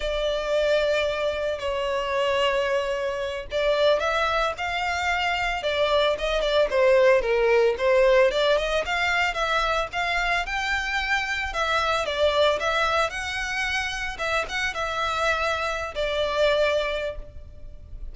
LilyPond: \new Staff \with { instrumentName = "violin" } { \time 4/4 \tempo 4 = 112 d''2. cis''4~ | cis''2~ cis''8 d''4 e''8~ | e''8 f''2 d''4 dis''8 | d''8 c''4 ais'4 c''4 d''8 |
dis''8 f''4 e''4 f''4 g''8~ | g''4. e''4 d''4 e''8~ | e''8 fis''2 e''8 fis''8 e''8~ | e''4.~ e''16 d''2~ d''16 | }